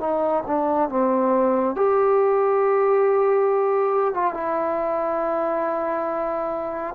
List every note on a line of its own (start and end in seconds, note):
0.00 0.43 D#4
0.47 0.89 D4
0.89 1.75 C4
1.75 4.14 G4
4.14 4.34 F4
4.34 6.94 E4